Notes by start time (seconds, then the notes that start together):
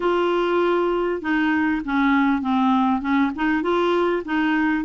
0.00 F4
1.21 D#4
1.85 C#4
2.41 C4
3.01 C#4
3.35 D#4
3.62 F4
4.25 D#4